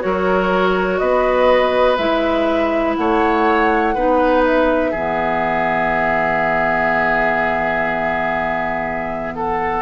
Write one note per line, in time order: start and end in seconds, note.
0.00 1.01 F#3
0.00 1.97 F#4
0.00 1.00 A#4
0.00 0.98 C#5
0.98 1.98 B3
0.98 2.97 B4
0.98 1.96 D#5
1.97 2.97 G#3
1.97 3.95 E4
1.97 2.95 E5
2.96 3.95 A3
2.96 3.95 C#5
2.96 4.43 F#5
3.95 4.92 B3
3.95 4.94 D#4
3.95 4.91 B4
4.45 9.36 E5
4.91 9.82 E3
4.91 9.82 B3
4.91 9.34 G#4
9.36 9.82 A4
9.36 9.82 F#5